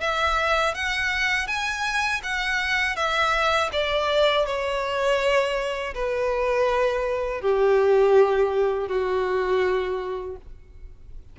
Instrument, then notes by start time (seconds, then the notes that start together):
violin
0.00 E5
0.74 F#5
1.47 G#5
2.23 F#5
2.96 E5
3.72 D5
4.46 C#5
5.94 B4
7.41 G4
8.88 F#4